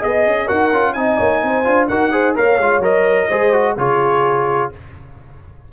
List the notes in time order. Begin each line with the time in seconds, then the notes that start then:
0.00 B3 G#4 D#5
0.26 C#4
0.47 D#4 F#4 A#4 F#5
0.72 C#4 F4
0.93 C4 D#4 D#5 G#5
1.17 A#3 C#5
1.43 C4 C5
1.64 D4 F4
1.88 D#4 F#4 A#4 F#5
2.12 G#4 C5
2.35 A#3 A#4 C#5 F5
2.58 G#3 F4
2.79 F#3 A#4 D#5
3.29 G#3 G#4 C5
3.53 F#4
3.77 C#3 F4 G#4 C#5